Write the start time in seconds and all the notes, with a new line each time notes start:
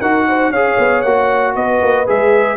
0.00 D#4 F#4 A#4 F#5
0.28 C5
0.49 C#4 G#4 C#5 F5
0.77 B3
1.01 A#3 F#4 F#5
1.55 B3 B4 D#5
1.81 A#3
2.06 G#3 G#4 E5